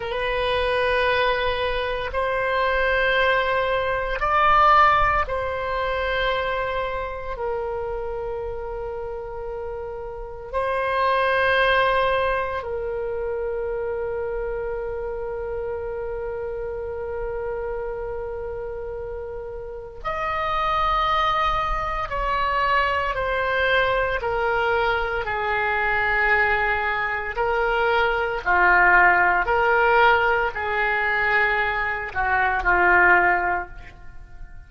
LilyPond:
\new Staff \with { instrumentName = "oboe" } { \time 4/4 \tempo 4 = 57 b'2 c''2 | d''4 c''2 ais'4~ | ais'2 c''2 | ais'1~ |
ais'2. dis''4~ | dis''4 cis''4 c''4 ais'4 | gis'2 ais'4 f'4 | ais'4 gis'4. fis'8 f'4 | }